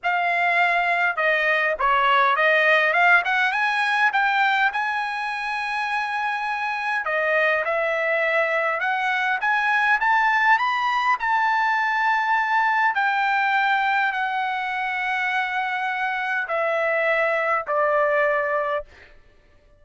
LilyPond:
\new Staff \with { instrumentName = "trumpet" } { \time 4/4 \tempo 4 = 102 f''2 dis''4 cis''4 | dis''4 f''8 fis''8 gis''4 g''4 | gis''1 | dis''4 e''2 fis''4 |
gis''4 a''4 b''4 a''4~ | a''2 g''2 | fis''1 | e''2 d''2 | }